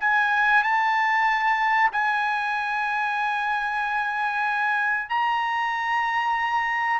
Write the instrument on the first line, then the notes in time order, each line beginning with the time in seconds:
trumpet
0.00 G#5
0.63 A5
1.92 G#5
5.09 A#5